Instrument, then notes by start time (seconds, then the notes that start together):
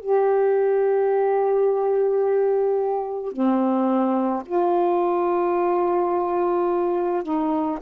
saxophone
0.00 G4
3.32 C4
4.45 F4
7.23 D#4